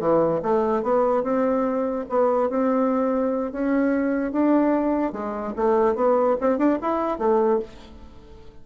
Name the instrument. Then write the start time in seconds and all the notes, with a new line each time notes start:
bassoon
0.00 E3
0.43 A3
0.83 B3
1.23 C4
2.09 B3
2.50 C4
3.52 C#4
4.32 D4
5.13 G#3
5.56 A3
5.95 B3
6.41 C4
6.58 D4
6.82 E4
7.19 A3